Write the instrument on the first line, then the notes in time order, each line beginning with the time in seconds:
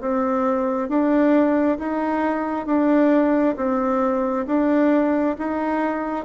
bassoon
0.00 C4
0.88 D4
1.78 D#4
2.66 D4
3.56 C4
4.46 D4
5.38 D#4